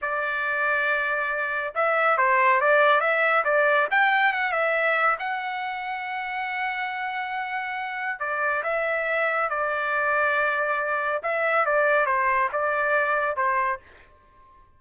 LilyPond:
\new Staff \with { instrumentName = "trumpet" } { \time 4/4 \tempo 4 = 139 d''1 | e''4 c''4 d''4 e''4 | d''4 g''4 fis''8 e''4. | fis''1~ |
fis''2. d''4 | e''2 d''2~ | d''2 e''4 d''4 | c''4 d''2 c''4 | }